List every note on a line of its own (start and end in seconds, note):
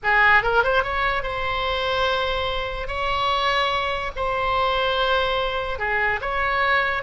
0.03 0.42 G#4
0.42 0.63 A#4
0.63 0.83 C5
0.83 1.22 C#5
1.22 2.87 C5
2.87 4.11 C#5
4.16 5.78 C5
5.78 6.20 G#4
6.21 7.02 C#5